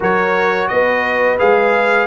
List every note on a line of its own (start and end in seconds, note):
0.00 0.70 F#3
0.00 1.38 F#4
0.00 0.70 A#4
0.00 0.68 C#5
0.68 1.40 B3
0.68 2.07 B4
0.68 1.37 D#5
1.38 2.07 G#3
1.38 2.07 G#4
1.38 2.07 F5